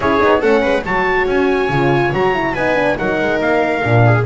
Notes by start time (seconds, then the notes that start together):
0.00 C#4 E4 G#4 C#5
0.20 B3 D#4
0.41 A3 C#4 A4 F#5
0.61 G#3 B4
0.85 F#3 F#4 C#5 A5
1.25 C#4 G#5
1.68 C#3 F4
2.12 F#3 F#4 A#5
2.34 E4
2.53 B3 D#4 B4 G#5
2.75 D4
2.96 F#3 D#4 A#4 F#5
3.20 G#3
3.40 A#3 F5
3.80 A#2 D4
4.05 G#4